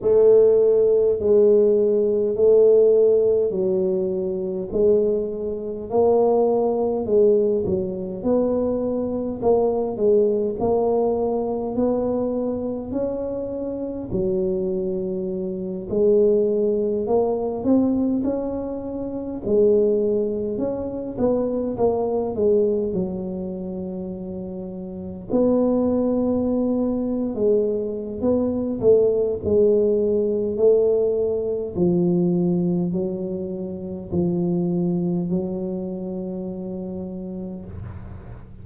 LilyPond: \new Staff \with { instrumentName = "tuba" } { \time 4/4 \tempo 4 = 51 a4 gis4 a4 fis4 | gis4 ais4 gis8 fis8 b4 | ais8 gis8 ais4 b4 cis'4 | fis4. gis4 ais8 c'8 cis'8~ |
cis'8 gis4 cis'8 b8 ais8 gis8 fis8~ | fis4. b4.~ b16 gis8. | b8 a8 gis4 a4 f4 | fis4 f4 fis2 | }